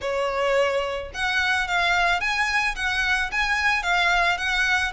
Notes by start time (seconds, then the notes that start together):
0.01 C#5
1.14 F#5
1.67 F5
2.20 G#5
2.75 F#5
3.31 G#5
3.82 F5
4.37 F#5